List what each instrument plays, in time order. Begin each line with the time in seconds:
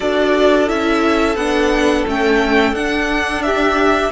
0.00 cello D4, viola F#4, violin A4 D5
0.67 cello C#4, viola E4, violin E5
1.35 cello B3, viola D4, violin F#5
2.07 cello A3, viola C#4, violin G5
2.72 cello D4, viola D4, violin F#5
3.42 violin G4 E5